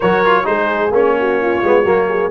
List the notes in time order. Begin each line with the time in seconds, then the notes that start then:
0.00 F#3 F#4 A#4 C#5
0.25 F4
0.44 G#3 D#4 G#4 C5
0.90 A#3 C#4 C#5
1.19 F#4
1.41 F4
1.63 G#3 B3
1.82 F#3 A#3 F#4
2.08 G#4